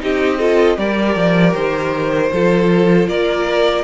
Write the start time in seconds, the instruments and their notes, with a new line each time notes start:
0.00 cello C4, viola D#4, violin G4 D#5
0.39 viola F4, violin A4
0.77 cello G3, viola G4, violin A#4 D5
1.16 cello F3
1.55 cello D#3, violin C5
2.32 cello F3, viola F4, violin A4
3.08 cello A#3, violin A#4 D5